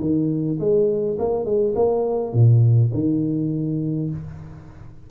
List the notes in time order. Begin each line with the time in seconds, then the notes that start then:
0.00 D#3
0.59 G#3
1.19 A#3
1.45 G#3
1.75 A#3
2.33 A#2
2.93 D#3